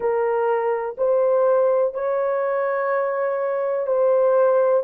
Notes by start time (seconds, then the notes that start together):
0.00 A#4
0.97 C5
1.94 C#5
3.86 C5